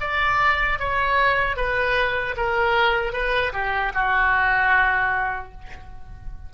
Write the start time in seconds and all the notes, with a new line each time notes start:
0.00 D5
0.79 C#5
1.56 B4
2.36 A#4
3.13 B4
3.52 G4
3.94 F#4